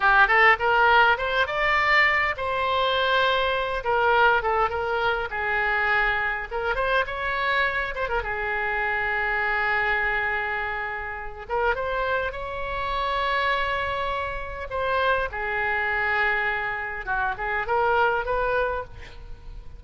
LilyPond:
\new Staff \with { instrumentName = "oboe" } { \time 4/4 \tempo 4 = 102 g'8 a'8 ais'4 c''8 d''4. | c''2~ c''8 ais'4 a'8 | ais'4 gis'2 ais'8 c''8 | cis''4. c''16 ais'16 gis'2~ |
gis'2.~ gis'8 ais'8 | c''4 cis''2.~ | cis''4 c''4 gis'2~ | gis'4 fis'8 gis'8 ais'4 b'4 | }